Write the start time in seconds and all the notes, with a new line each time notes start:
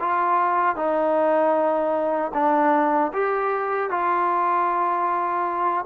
0.00 F4
0.76 D#4
2.34 D4
3.13 G4
3.90 F4